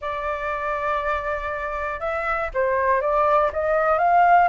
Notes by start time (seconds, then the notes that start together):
0.01 D5
2.00 E5
2.54 C5
3.01 D5
3.52 D#5
3.98 F5